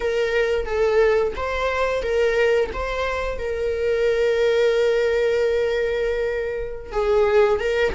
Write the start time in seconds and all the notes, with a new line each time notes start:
0.00 A#4
0.65 A4
1.36 C5
2.02 A#4
2.73 C5
3.38 A#4
6.92 G#4
7.59 A#4